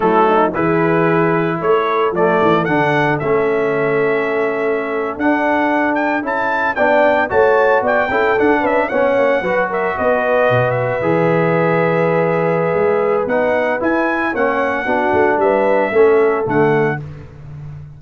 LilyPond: <<
  \new Staff \with { instrumentName = "trumpet" } { \time 4/4 \tempo 4 = 113 a'4 b'2 cis''4 | d''4 fis''4 e''2~ | e''4.~ e''16 fis''4. g''8 a''16~ | a''8. g''4 a''4 g''4 fis''16~ |
fis''16 e''8 fis''4. e''8 dis''4~ dis''16~ | dis''16 e''2.~ e''8.~ | e''4 fis''4 gis''4 fis''4~ | fis''4 e''2 fis''4 | }
  \new Staff \with { instrumentName = "horn" } { \time 4/4 e'8 dis'8 gis'2 a'4~ | a'1~ | a'1~ | a'8. d''4 cis''4 d''8 a'8.~ |
a'16 b'8 cis''4 b'8 ais'8 b'4~ b'16~ | b'1~ | b'2. cis''4 | fis'4 b'4 a'2 | }
  \new Staff \with { instrumentName = "trombone" } { \time 4/4 a4 e'2. | a4 d'4 cis'2~ | cis'4.~ cis'16 d'2 e'16~ | e'8. d'4 fis'4. e'8 d'16~ |
d'8. cis'4 fis'2~ fis'16~ | fis'8. gis'2.~ gis'16~ | gis'4 dis'4 e'4 cis'4 | d'2 cis'4 a4 | }
  \new Staff \with { instrumentName = "tuba" } { \time 4/4 fis4 e2 a4 | f8 e8 d4 a2~ | a4.~ a16 d'2 cis'16~ | cis'8. b4 a4 b8 cis'8 d'16~ |
d'16 cis'8 b8 ais8 fis4 b4 b,16~ | b,8. e2.~ e16 | gis4 b4 e'4 ais4 | b8 a8 g4 a4 d4 | }
>>